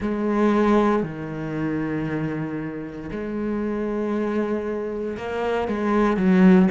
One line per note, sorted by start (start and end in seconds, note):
0.00 1.03 G#3
1.03 3.09 D#3
3.11 5.17 G#3
5.17 5.68 A#3
5.68 6.16 G#3
6.16 6.68 F#3